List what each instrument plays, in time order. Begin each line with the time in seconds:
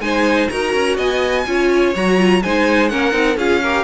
0.00 cello G#3, viola D#4, violin C5 G#5
0.49 cello D#4, viola F#4, violin A#4 A#5
0.73 cello C#4
0.96 cello B3, violin D#5 G#5
1.46 cello C#4, viola F4, violin C#5
1.95 cello F#3, viola F#4, violin A#5
2.18 viola F4
2.43 cello G#3, viola D#4, violin C5 G#5
2.88 cello A#3, viola C#4, violin A#4 F#5
3.11 cello C4, viola D#4
3.36 cello C#4, viola F4, violin G#4 F5
3.62 viola G4, violin A#4